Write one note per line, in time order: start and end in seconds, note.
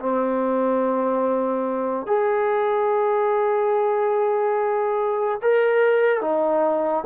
0.00 2.07 C4
2.07 5.41 G#4
5.42 6.22 A#4
6.22 7.05 D#4